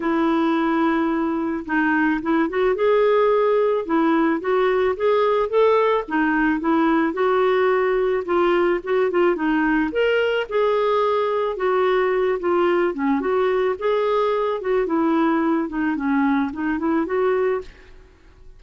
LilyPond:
\new Staff \with { instrumentName = "clarinet" } { \time 4/4 \tempo 4 = 109 e'2. dis'4 | e'8 fis'8 gis'2 e'4 | fis'4 gis'4 a'4 dis'4 | e'4 fis'2 f'4 |
fis'8 f'8 dis'4 ais'4 gis'4~ | gis'4 fis'4. f'4 cis'8 | fis'4 gis'4. fis'8 e'4~ | e'8 dis'8 cis'4 dis'8 e'8 fis'4 | }